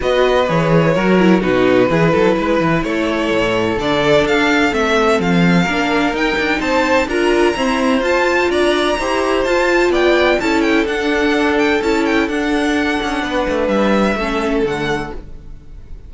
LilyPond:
<<
  \new Staff \with { instrumentName = "violin" } { \time 4/4 \tempo 4 = 127 dis''4 cis''2 b'4~ | b'2 cis''2 | d''4 f''4 e''4 f''4~ | f''4 g''4 a''4 ais''4~ |
ais''4 a''4 ais''2 | a''4 g''4 a''8 g''8 fis''4~ | fis''8 g''8 a''8 g''8 fis''2~ | fis''4 e''2 fis''4 | }
  \new Staff \with { instrumentName = "violin" } { \time 4/4 b'2 ais'4 fis'4 | gis'8 a'8 b'4 a'2~ | a'1 | ais'2 c''4 ais'4 |
c''2 d''4 c''4~ | c''4 d''4 a'2~ | a'1 | b'2 a'2 | }
  \new Staff \with { instrumentName = "viola" } { \time 4/4 fis'4 gis'4 fis'8 e'8 dis'4 | e'1 | d'2 c'2 | d'4 dis'2 f'4 |
c'4 f'2 g'4 | f'2 e'4 d'4~ | d'4 e'4 d'2~ | d'2 cis'4 a4 | }
  \new Staff \with { instrumentName = "cello" } { \time 4/4 b4 e4 fis4 b,4 | e8 fis8 gis8 e8 a4 a,4 | d4 d'4 a4 f4 | ais4 dis'8 d'8 c'4 d'4 |
e'4 f'4 d'4 e'4 | f'4 b4 cis'4 d'4~ | d'4 cis'4 d'4. cis'8 | b8 a8 g4 a4 d4 | }
>>